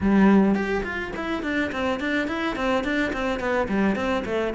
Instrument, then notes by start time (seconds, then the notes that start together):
cello
0.01 G3
0.54 G4
0.83 F4
1.16 E4
1.43 D4
1.71 C4
2.00 D4
2.27 E4
2.55 C4
2.84 D4
3.12 C4
3.39 B3
3.68 G3
3.95 C4
4.25 A3